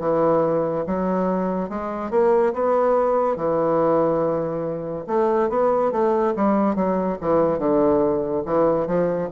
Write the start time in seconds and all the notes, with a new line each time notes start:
0.00 E3
0.87 F#3
1.69 G#3
2.11 A#3
2.54 B3
3.36 E3
5.07 A3
5.50 B3
5.92 A3
6.36 G3
6.75 F#3
7.21 E3
7.59 D3
8.46 E3
8.87 F3